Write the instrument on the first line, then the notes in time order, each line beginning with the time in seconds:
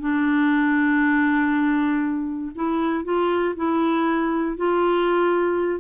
clarinet
0.00 D4
2.55 E4
3.04 F4
3.56 E4
4.57 F4